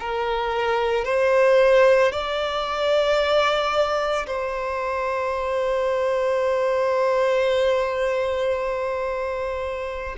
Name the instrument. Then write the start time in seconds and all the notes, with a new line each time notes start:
violin
0.00 A#4
1.05 C5
2.12 D5
4.27 C5